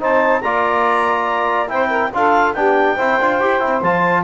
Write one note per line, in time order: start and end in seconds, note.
0.00 0.44 C4
0.00 0.43 D#4
0.00 0.43 C5
0.00 0.42 A5
0.42 1.71 A#3
0.42 1.68 F4
0.42 1.71 D5
0.42 1.69 A#5
1.68 2.13 C4
1.68 2.11 E4
1.68 1.89 C5
1.68 2.12 G5
1.89 2.11 A#4
2.14 2.54 D4
2.14 2.55 F4
2.14 2.57 A4
2.14 2.54 F5
2.54 2.97 B3
2.54 2.98 D4
2.54 2.96 G4
2.54 3.82 G5
2.96 3.19 C4
2.96 3.20 E4
2.96 4.24 C5
3.21 3.41 D4
3.21 3.41 F4
3.41 3.62 E4
3.41 3.60 G4
3.60 3.82 C4
3.60 3.81 E4
3.82 4.24 F3
3.82 4.24 F4
3.82 4.24 A5